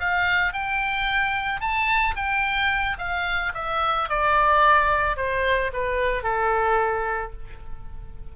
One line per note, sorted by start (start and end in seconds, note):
0.00 0.53 F5
0.53 1.61 G5
1.61 2.15 A5
2.16 2.98 G5
2.99 3.53 F5
3.55 4.09 E5
4.09 5.17 D5
5.17 5.71 C5
5.73 6.23 B4
6.23 7.32 A4